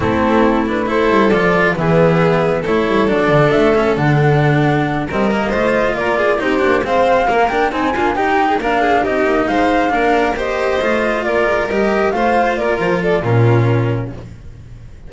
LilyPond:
<<
  \new Staff \with { instrumentName = "flute" } { \time 4/4 \tempo 4 = 136 a'4. b'8 c''4 d''4 | e''2 cis''4 d''4 | e''4 fis''2~ fis''8 dis''8~ | dis''4. d''4 c''4 f''8~ |
f''4 g''8 gis''4 g''4 f''8~ | f''8 dis''4 f''2 dis''8~ | dis''4. d''4 dis''4 f''8~ | f''8 d''8 c''8 d''8 ais'2 | }
  \new Staff \with { instrumentName = "violin" } { \time 4/4 e'2 a'2 | gis'2 a'2~ | a'2.~ a'8 ais'8~ | ais'8 c''4 ais'8 gis'8 g'4 c''8~ |
c''8 ais'4 dis'8 f'8 g'8. gis'16 ais'8 | gis'8 g'4 c''4 ais'4 c''8~ | c''4. ais'2 c''8~ | c''8 ais'4 a'8 f'2 | }
  \new Staff \with { instrumentName = "cello" } { \time 4/4 c'4. d'8 e'4 f'4 | b2 e'4 d'4~ | d'8 cis'8 d'2~ d'8 c'8 | ais8 f'2 dis'8 d'8 c'8~ |
c'8 ais8 d'8 c'8 ais8 dis'4 d'8~ | d'8 dis'2 d'4 g'8~ | g'8 f'2 g'4 f'8~ | f'2 cis'2 | }
  \new Staff \with { instrumentName = "double bass" } { \time 4/4 a2~ a8 g8 f4 | e2 a8 g8 fis8 d8 | a4 d2~ d8 g8~ | g8 a4 ais4 c'8 ais8 gis8~ |
gis8 ais4 c'8 d'8 dis'4 ais8~ | ais8 c'8 ais8 gis4 ais4.~ | ais8 a4 ais8 gis8 g4 a8~ | a8 ais8 f4 ais,2 | }
>>